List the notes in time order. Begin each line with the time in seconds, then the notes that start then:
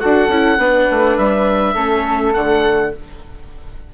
0.00 D4 F#4 A4 F#5
0.29 C#4 E4
0.58 B3 D4 B4
0.91 A3
1.18 G3 E5
1.75 A3 C#4 A4
2.34 D3 A3 F#5